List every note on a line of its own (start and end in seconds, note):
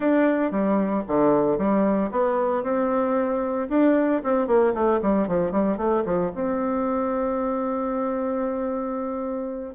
0.00 0.51 D4
0.51 1.03 G3
1.07 1.58 D3
1.58 2.10 G3
2.11 2.63 B3
2.63 3.68 C4
3.69 4.22 D4
4.23 4.47 C4
4.47 4.73 A#3
4.73 5.00 A3
5.02 5.27 G3
5.27 5.51 F3
5.51 5.77 G3
5.77 6.03 A3
6.05 6.31 F3
6.34 9.74 C4